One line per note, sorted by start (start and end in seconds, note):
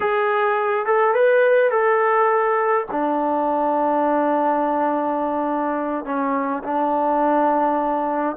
0.00 0.85 G#4
0.86 1.14 A4
1.14 1.70 B4
1.70 2.86 A4
2.91 6.05 D4
6.05 6.62 C#4
6.63 8.36 D4